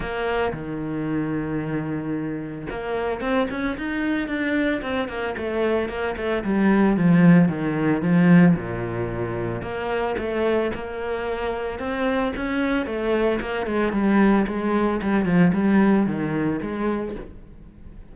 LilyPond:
\new Staff \with { instrumentName = "cello" } { \time 4/4 \tempo 4 = 112 ais4 dis2.~ | dis4 ais4 c'8 cis'8 dis'4 | d'4 c'8 ais8 a4 ais8 a8 | g4 f4 dis4 f4 |
ais,2 ais4 a4 | ais2 c'4 cis'4 | a4 ais8 gis8 g4 gis4 | g8 f8 g4 dis4 gis4 | }